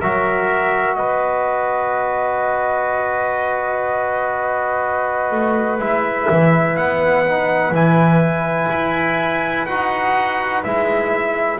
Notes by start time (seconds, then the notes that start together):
0.00 F#3 F#4 A#4 E5
0.96 B3 B4 D#5
5.31 A3
5.79 G#3 E4 E5
6.30 E3
6.77 B3 F#5
7.27 D#4
7.70 E3 E4 G#5
8.71 E4
9.66 D#4 F#4 F#5
10.64 G#3 E4 E5